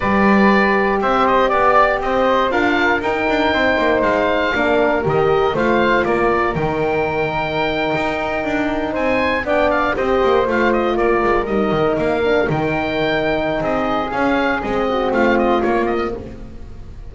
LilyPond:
<<
  \new Staff \with { instrumentName = "oboe" } { \time 4/4 \tempo 4 = 119 d''2 e''8 dis''8 d''4 | dis''4 f''4 g''2 | f''2 dis''4 f''4 | d''4 g''2.~ |
g''4.~ g''16 gis''4 g''8 f''8 dis''16~ | dis''8. f''8 dis''8 d''4 dis''4 f''16~ | f''8. g''2~ g''16 dis''4 | f''4 dis''4 f''8 dis''8 cis''8 dis''8 | }
  \new Staff \with { instrumentName = "flute" } { \time 4/4 b'2 c''4 d''4 | c''4 ais'2 c''4~ | c''4 ais'2 c''4 | ais'1~ |
ais'4.~ ais'16 c''4 d''4 c''16~ | c''4.~ c''16 ais'2~ ais'16~ | ais'2. gis'4~ | gis'4. fis'8 f'2 | }
  \new Staff \with { instrumentName = "horn" } { \time 4/4 g'1~ | g'4 f'4 dis'2~ | dis'4 d'4 g'4 f'4~ | f'4 dis'2.~ |
dis'2~ dis'8. d'4 g'16~ | g'8. f'2 dis'4~ dis'16~ | dis'16 d'8 dis'2.~ dis'16 | cis'4 c'2 ais4 | }
  \new Staff \with { instrumentName = "double bass" } { \time 4/4 g2 c'4 b4 | c'4 d'4 dis'8 d'8 c'8 ais8 | gis4 ais4 dis4 a4 | ais4 dis2~ dis8. dis'16~ |
dis'8. d'4 c'4 b4 c'16~ | c'16 ais8 a4 ais8 gis8 g8 dis8 ais16~ | ais8. dis2~ dis16 c'4 | cis'4 gis4 a4 ais4 | }
>>